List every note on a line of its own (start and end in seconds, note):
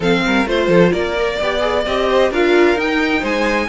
0.00 0.21 F3
0.00 0.46 C4
0.00 0.22 A4
0.00 0.47 F5
0.26 0.45 G3
0.26 0.49 A#4
0.45 0.68 A3
0.45 1.16 F4
0.45 0.92 C5
0.45 0.68 C5
0.68 0.91 F3
0.68 0.91 A4
0.92 1.39 A#3
0.92 1.38 A#4
0.92 1.84 D5
1.17 1.40 A#4
1.40 1.85 B3
1.40 1.60 G4
1.40 2.08 D5
1.60 1.83 G#4
1.85 2.31 C4
1.85 2.32 G4
1.85 2.32 D#5
2.08 2.31 C5
2.31 2.75 D4
2.31 2.77 F4
2.31 3.20 A#4
2.31 2.79 F5
2.75 3.22 D#4
2.75 3.69 D#4
2.75 3.25 G5
3.20 3.68 G#3
3.20 3.66 C5
3.20 3.69 G#5